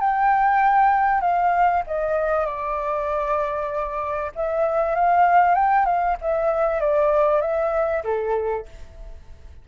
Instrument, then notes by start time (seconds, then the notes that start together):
flute
0.00 G5
1.21 F5
1.87 D#5
2.46 D5
4.35 E5
4.95 F5
5.55 G5
5.86 F5
6.22 E5
6.80 D5
7.41 E5
8.04 A4